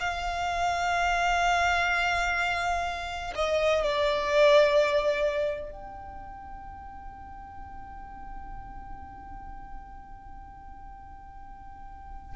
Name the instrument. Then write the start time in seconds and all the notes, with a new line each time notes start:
violin
0.00 F5
3.35 D#5
3.82 D5
5.71 G5